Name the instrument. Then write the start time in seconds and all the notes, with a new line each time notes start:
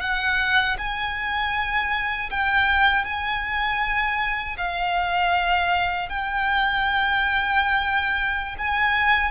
violin
0.00 F#5
0.78 G#5
2.30 G5
3.04 G#5
4.57 F5
6.09 G5
8.58 G#5